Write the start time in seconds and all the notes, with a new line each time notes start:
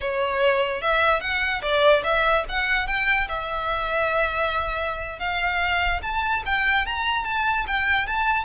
0.00 C#5
0.81 E5
1.20 F#5
1.61 D5
2.03 E5
2.48 F#5
2.87 G5
3.28 E5
5.19 F5
6.02 A5
6.45 G5
6.86 A#5
7.24 A5
7.67 G5
8.06 A5